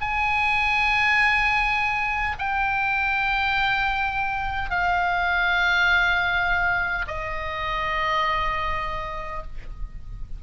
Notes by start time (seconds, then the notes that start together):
0.00 G#5
2.39 G5
4.70 F5
7.07 D#5